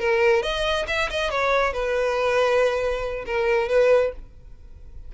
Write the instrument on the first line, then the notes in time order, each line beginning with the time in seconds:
violin
0.00 A#4
0.43 D#5
0.88 E5
1.10 D#5
1.31 C#5
1.73 B4
3.26 A#4
3.69 B4